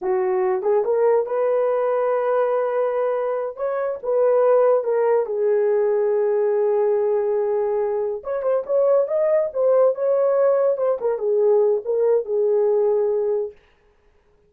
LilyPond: \new Staff \with { instrumentName = "horn" } { \time 4/4 \tempo 4 = 142 fis'4. gis'8 ais'4 b'4~ | b'1~ | b'8 cis''4 b'2 ais'8~ | ais'8 gis'2.~ gis'8~ |
gis'2.~ gis'8 cis''8 | c''8 cis''4 dis''4 c''4 cis''8~ | cis''4. c''8 ais'8 gis'4. | ais'4 gis'2. | }